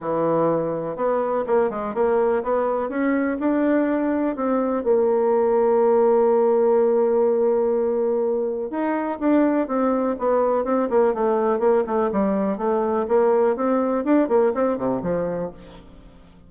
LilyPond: \new Staff \with { instrumentName = "bassoon" } { \time 4/4 \tempo 4 = 124 e2 b4 ais8 gis8 | ais4 b4 cis'4 d'4~ | d'4 c'4 ais2~ | ais1~ |
ais2 dis'4 d'4 | c'4 b4 c'8 ais8 a4 | ais8 a8 g4 a4 ais4 | c'4 d'8 ais8 c'8 c8 f4 | }